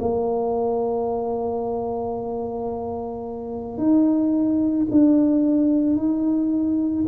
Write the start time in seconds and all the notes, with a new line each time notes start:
0.00 A#3
3.77 D#4
4.90 D4
5.96 D#4